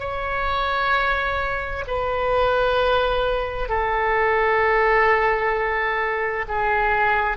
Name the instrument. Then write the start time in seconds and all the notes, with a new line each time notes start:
oboe
0.00 C#5
1.87 B4
3.69 A4
6.48 G#4